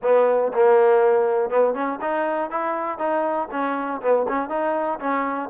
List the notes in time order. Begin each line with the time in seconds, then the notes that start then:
0.02 B3
0.53 A#3
1.50 B3
1.74 C#4
2.01 D#4
2.50 E4
2.98 D#4
3.51 C#4
4.01 B3
4.28 C#4
4.49 D#4
4.99 C#4